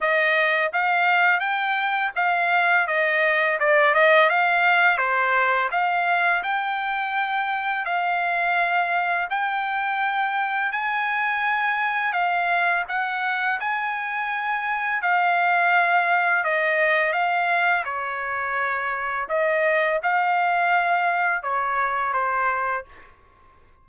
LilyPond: \new Staff \with { instrumentName = "trumpet" } { \time 4/4 \tempo 4 = 84 dis''4 f''4 g''4 f''4 | dis''4 d''8 dis''8 f''4 c''4 | f''4 g''2 f''4~ | f''4 g''2 gis''4~ |
gis''4 f''4 fis''4 gis''4~ | gis''4 f''2 dis''4 | f''4 cis''2 dis''4 | f''2 cis''4 c''4 | }